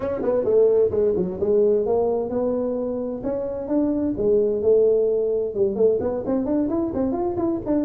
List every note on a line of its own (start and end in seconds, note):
0.00 0.21 C#4
0.22 0.44 B3
0.44 0.90 A3
0.90 1.13 G#3
1.16 1.39 F#3
1.40 1.86 G#3
1.86 2.29 A#3
2.29 3.22 B3
3.23 3.68 C#4
3.68 4.14 D4
4.17 4.62 G#3
4.62 5.54 A3
5.54 5.75 G3
5.75 5.98 A3
6.00 6.23 B3
6.26 6.45 C4
6.45 6.68 D4
6.69 6.92 E4
6.94 7.12 C4
7.12 7.35 F4
7.37 7.60 E4
7.66 7.84 D4